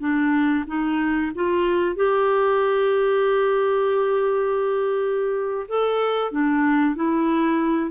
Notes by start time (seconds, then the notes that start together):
0.00 D4
0.67 D#4
1.35 F4
1.96 G4
5.68 A4
6.31 D4
6.95 E4